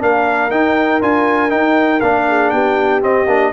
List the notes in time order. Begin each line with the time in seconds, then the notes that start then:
0.00 A#3 D4 A#4 F5
0.51 D#4 G5
1.02 D4 F4 G#5
1.50 D#4 G5
2.01 A#3 D4 F5
2.28 G#4
2.51 B3 G4 G5
3.02 C4 D#5
3.26 A#3 D4